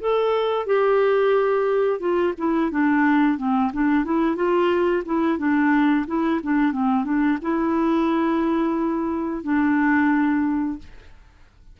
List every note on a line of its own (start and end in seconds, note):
0.00 0.66 A4
0.66 1.99 G4
1.99 2.33 F4
2.37 2.71 E4
2.71 3.37 D4
3.37 3.71 C4
3.73 4.04 D4
4.04 4.35 E4
4.35 5.03 F4
5.05 5.38 E4
5.38 6.05 D4
6.06 6.40 E4
6.43 6.72 D4
6.72 7.04 C4
7.04 7.38 D4
7.41 9.43 E4
9.43 10.78 D4